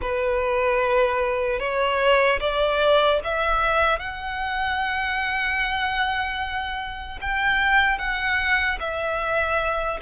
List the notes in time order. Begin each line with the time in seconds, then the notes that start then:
0.01 B4
1.59 C#5
2.40 D5
3.24 E5
3.99 F#5
7.21 G5
7.98 F#5
8.80 E5